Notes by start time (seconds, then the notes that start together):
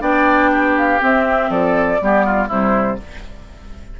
0.00 B3 D4 D5 G5
0.51 G4
0.77 F5
0.99 C4 E5
1.49 F3 A4 D5
2.01 G3 B3 G4
2.26 F4
2.48 C3 G3 E4 C5